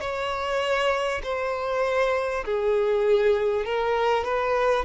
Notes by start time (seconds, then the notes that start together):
0.00 C#5
1.23 C5
2.45 G#4
3.65 A#4
4.24 B4